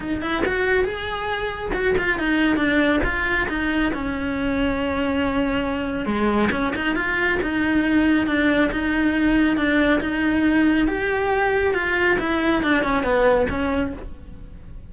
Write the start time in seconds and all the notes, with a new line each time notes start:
0.00 D#4
0.21 E4
0.45 F#4
0.84 G#4
1.73 F#4
1.98 F4
2.18 D#4
2.56 D4
3.04 F4
3.48 D#4
3.93 C#4
6.05 G#3
6.51 C#4
6.75 D#4
6.95 F4
7.42 D#4
8.26 D4
8.71 D#4
9.56 D4
10.00 D#4
10.87 G4
11.74 F4
12.19 E4
12.62 D4
12.83 C#4
13.03 B3
13.49 C#4